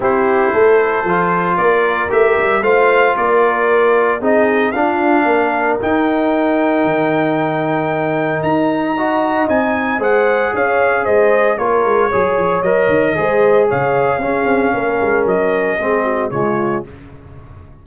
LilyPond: <<
  \new Staff \with { instrumentName = "trumpet" } { \time 4/4 \tempo 4 = 114 c''2. d''4 | e''4 f''4 d''2 | dis''4 f''2 g''4~ | g''1 |
ais''2 gis''4 fis''4 | f''4 dis''4 cis''2 | dis''2 f''2~ | f''4 dis''2 cis''4 | }
  \new Staff \with { instrumentName = "horn" } { \time 4/4 g'4 a'2 ais'4~ | ais'4 c''4 ais'2 | gis'4 f'4 ais'2~ | ais'1~ |
ais'4 dis''2 c''4 | cis''4 c''4 ais'4 cis''4~ | cis''4 c''4 cis''4 gis'4 | ais'2 gis'8 fis'8 f'4 | }
  \new Staff \with { instrumentName = "trombone" } { \time 4/4 e'2 f'2 | g'4 f'2. | dis'4 d'2 dis'4~ | dis'1~ |
dis'4 fis'4 dis'4 gis'4~ | gis'2 f'4 gis'4 | ais'4 gis'2 cis'4~ | cis'2 c'4 gis4 | }
  \new Staff \with { instrumentName = "tuba" } { \time 4/4 c'4 a4 f4 ais4 | a8 g8 a4 ais2 | c'4 d'4 ais4 dis'4~ | dis'4 dis2. |
dis'2 c'4 gis4 | cis'4 gis4 ais8 gis8 fis8 f8 | fis8 dis8 gis4 cis4 cis'8 c'8 | ais8 gis8 fis4 gis4 cis4 | }
>>